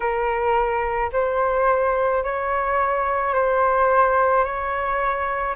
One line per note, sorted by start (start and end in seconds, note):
0.00 1.10 A#4
1.12 2.23 C5
2.23 3.34 C#5
3.34 4.44 C5
4.44 5.55 C#5